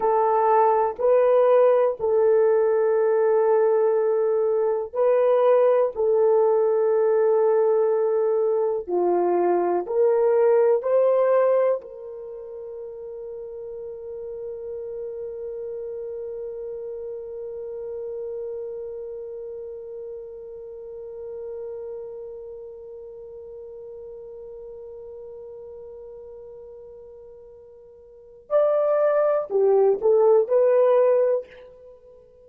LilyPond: \new Staff \with { instrumentName = "horn" } { \time 4/4 \tempo 4 = 61 a'4 b'4 a'2~ | a'4 b'4 a'2~ | a'4 f'4 ais'4 c''4 | ais'1~ |
ais'1~ | ais'1~ | ais'1~ | ais'4 d''4 g'8 a'8 b'4 | }